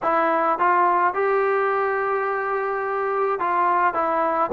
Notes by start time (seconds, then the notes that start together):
0.02 E4
0.58 F4
1.14 G4
3.39 F4
3.93 E4